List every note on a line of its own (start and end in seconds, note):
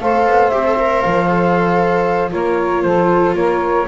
0.00 0.26 A3
0.00 0.52 A4
0.00 2.31 C5
0.00 0.50 F5
0.26 0.52 B3
0.50 1.04 C4
0.50 0.64 G4
0.50 1.01 E5
0.64 0.77 A4
0.79 1.27 A#4
1.01 2.34 F3
1.01 2.30 F5
1.27 2.30 A4
2.31 2.85 A#3
2.31 3.87 F4
2.31 2.83 A#4
2.31 2.82 C#5
2.82 3.34 F3
2.82 3.36 A4
2.82 3.34 C5
3.34 3.86 A#3
3.34 3.87 A#4
3.34 3.87 C#5